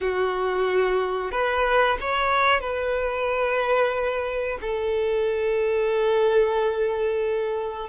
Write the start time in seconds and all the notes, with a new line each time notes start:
0.01 F#4
1.31 B4
2.00 C#5
2.60 B4
4.61 A4